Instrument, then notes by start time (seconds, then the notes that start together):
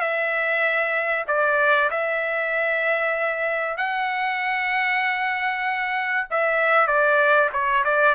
trumpet
0.00 E5
1.27 D5
1.90 E5
3.77 F#5
6.30 E5
6.87 D5
7.52 C#5
7.84 D5